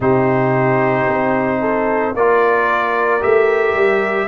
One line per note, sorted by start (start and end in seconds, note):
0.00 1.06 C3
0.00 2.15 D#4
0.00 1.60 G4
0.00 2.15 C5
1.07 2.14 C4
1.60 2.14 A4
2.14 3.21 A#3
2.14 3.20 F4
2.14 4.28 A#4
2.14 3.22 D5
3.20 3.73 A3
3.20 4.27 G4
3.20 4.28 E5
3.73 4.27 G3